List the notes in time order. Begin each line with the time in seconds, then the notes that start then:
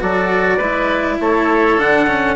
0.00 F#3 F#4 A4 D5
0.58 G#3 E4 B4
1.20 A3 A4 C#5
1.78 D3 D4 F#5
2.07 C#4